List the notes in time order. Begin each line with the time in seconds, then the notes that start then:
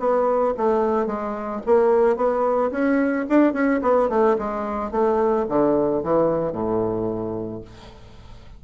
0.00 B3
0.58 A3
1.07 G#3
1.67 A#3
2.17 B3
2.72 C#4
3.30 D4
3.54 C#4
3.83 B3
4.10 A3
4.39 G#3
4.92 A3
5.49 D3
6.04 E3
6.53 A2